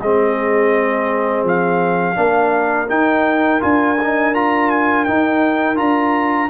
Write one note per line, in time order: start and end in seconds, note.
0.00 1.43 G#3
0.00 2.14 C4
0.00 2.18 G#4
0.00 1.46 D#5
1.43 2.15 F3
1.43 2.89 F5
2.14 2.88 A#3
2.14 2.87 D4
2.14 6.50 A#4
2.87 3.60 D#4
2.87 3.61 D#4
2.87 3.61 G5
3.60 5.07 D4
3.60 3.96 F4
3.60 4.34 G#5
4.01 4.34 D#4
4.34 5.06 F4
4.34 4.69 A#5
4.69 5.04 G#5
5.04 5.75 D#4
5.04 5.79 D#4
5.04 5.76 G5
5.75 6.50 D4
5.75 6.47 F4
5.75 6.49 A#5